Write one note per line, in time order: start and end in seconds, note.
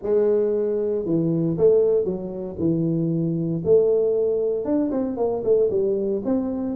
0.02 1.05 G#3
1.05 1.57 E3
1.57 2.04 A3
2.04 2.56 F#3
2.59 3.62 E3
3.64 4.64 A3
4.64 4.90 D4
4.91 5.16 C4
5.16 5.42 A#3
5.43 5.69 A3
5.70 6.22 G3
6.24 6.75 C4